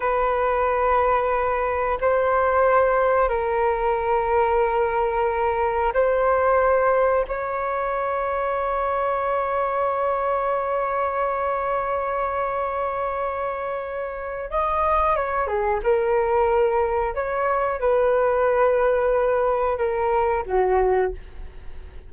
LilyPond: \new Staff \with { instrumentName = "flute" } { \time 4/4 \tempo 4 = 91 b'2. c''4~ | c''4 ais'2.~ | ais'4 c''2 cis''4~ | cis''1~ |
cis''1~ | cis''2 dis''4 cis''8 gis'8 | ais'2 cis''4 b'4~ | b'2 ais'4 fis'4 | }